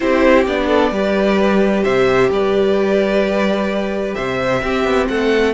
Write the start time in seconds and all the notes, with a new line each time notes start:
0.00 C4 E4 G4 C5
0.46 B3 D4 D5
0.67 A4
0.91 G3 G4 B4
1.83 C3 C5 E5
2.30 G3 B4 D5
4.14 C3 C5 E5
4.62 C4 G4
4.84 B3
5.08 A3 A4 F#5